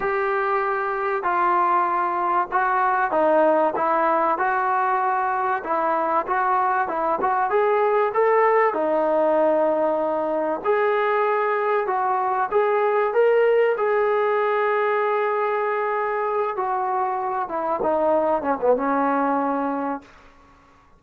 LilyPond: \new Staff \with { instrumentName = "trombone" } { \time 4/4 \tempo 4 = 96 g'2 f'2 | fis'4 dis'4 e'4 fis'4~ | fis'4 e'4 fis'4 e'8 fis'8 | gis'4 a'4 dis'2~ |
dis'4 gis'2 fis'4 | gis'4 ais'4 gis'2~ | gis'2~ gis'8 fis'4. | e'8 dis'4 cis'16 b16 cis'2 | }